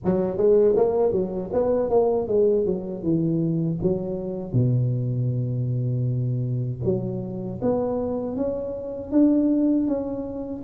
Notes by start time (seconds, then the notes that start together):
0.04 F#3
0.37 G#3
0.76 A#3
1.12 F#3
1.53 B3
1.89 A#3
2.27 G#3
2.65 F#3
3.02 E3
3.82 F#3
4.52 B2
6.84 F#3
7.62 B3
8.36 C#4
9.11 D4
9.87 C#4